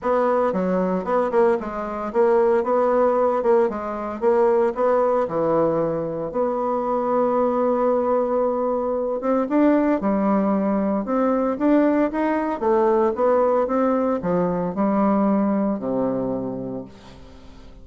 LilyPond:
\new Staff \with { instrumentName = "bassoon" } { \time 4/4 \tempo 4 = 114 b4 fis4 b8 ais8 gis4 | ais4 b4. ais8 gis4 | ais4 b4 e2 | b1~ |
b4. c'8 d'4 g4~ | g4 c'4 d'4 dis'4 | a4 b4 c'4 f4 | g2 c2 | }